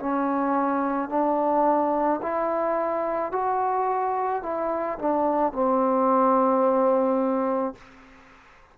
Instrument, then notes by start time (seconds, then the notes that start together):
trombone
0.00 C#4
1.09 D4
2.23 E4
3.32 F#4
4.43 E4
4.99 D4
5.53 C4